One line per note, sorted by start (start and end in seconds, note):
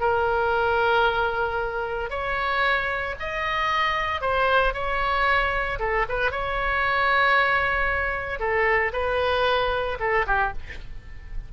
0.00 2.10 A#4
2.10 3.15 C#5
3.20 4.21 D#5
4.21 4.74 C5
4.74 5.79 C#5
5.79 6.06 A4
6.09 6.31 B4
6.31 8.39 C#5
8.39 8.92 A4
8.93 9.98 B4
10.00 10.26 A4
10.27 10.53 G4